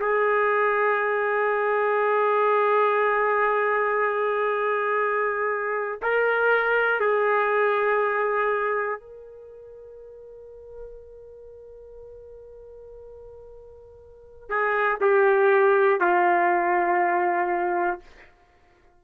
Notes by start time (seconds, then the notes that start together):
0.00 G#4
6.01 A#4
7.00 G#4
9.00 A#4
14.48 G#4
15.00 G4
16.00 F4